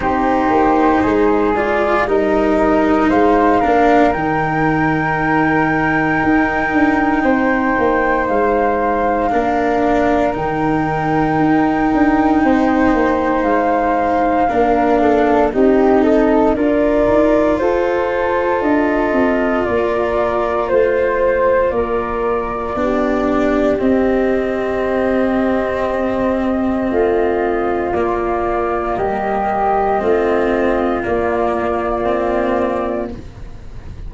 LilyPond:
<<
  \new Staff \with { instrumentName = "flute" } { \time 4/4 \tempo 4 = 58 c''4. d''8 dis''4 f''4 | g''1 | f''2 g''2~ | g''4 f''2 dis''4 |
d''4 c''4 dis''4 d''4 | c''4 d''2 dis''4~ | dis''2. d''4 | dis''2 d''2 | }
  \new Staff \with { instrumentName = "flute" } { \time 4/4 g'4 gis'4 ais'4 c''8 ais'8~ | ais'2. c''4~ | c''4 ais'2. | c''2 ais'8 a'8 g'8 a'8 |
ais'4 a'2 ais'4 | c''4 ais'4 g'2~ | g'2 f'2 | g'4 f'2. | }
  \new Staff \with { instrumentName = "cello" } { \time 4/4 dis'4. f'8 dis'4. d'8 | dis'1~ | dis'4 d'4 dis'2~ | dis'2 d'4 dis'4 |
f'1~ | f'2 d'4 c'4~ | c'2. ais4~ | ais4 c'4 ais4 c'4 | }
  \new Staff \with { instrumentName = "tuba" } { \time 4/4 c'8 ais8 gis4 g4 gis8 ais8 | dis2 dis'8 d'8 c'8 ais8 | gis4 ais4 dis4 dis'8 d'8 | c'8 ais8 gis4 ais4 c'4 |
d'8 dis'8 f'4 d'8 c'8 ais4 | a4 ais4 b4 c'4~ | c'2 a4 ais4 | g4 a4 ais2 | }
>>